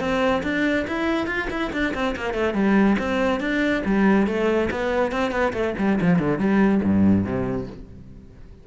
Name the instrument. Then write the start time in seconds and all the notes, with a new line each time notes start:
cello
0.00 C4
0.43 D4
0.88 E4
1.27 F4
1.50 E4
1.73 D4
1.94 C4
2.16 A#3
2.34 A3
2.54 G3
2.99 C4
3.40 D4
3.85 G3
4.27 A3
4.71 B3
5.12 C4
5.32 B3
5.53 A3
5.79 G3
6.01 F3
6.19 D3
6.39 G3
6.84 G2
7.25 C3